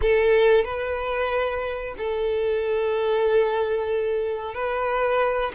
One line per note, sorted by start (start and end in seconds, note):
0.01 0.64 A4
0.64 1.94 B4
1.97 4.54 A4
4.54 5.52 B4